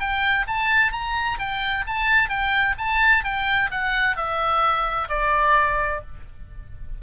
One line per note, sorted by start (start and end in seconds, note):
0.00 0.46 G5
0.47 0.92 A5
0.92 1.38 A#5
1.39 1.85 G5
1.87 2.29 A5
2.29 2.75 G5
2.78 3.24 A5
3.24 3.70 G5
3.71 4.16 F#5
4.16 5.09 E5
5.09 6.01 D5